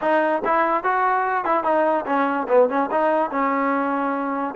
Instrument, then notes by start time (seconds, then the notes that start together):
trombone
0.01 D#4
0.44 E4
0.83 F#4
1.44 E4
1.63 D#4
2.06 C#4
2.48 B3
2.69 C#4
2.91 D#4
3.30 C#4